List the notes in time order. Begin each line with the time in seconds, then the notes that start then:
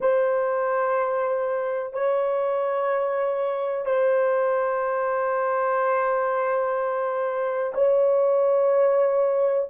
0.00 C5
1.93 C#5
3.85 C5
7.74 C#5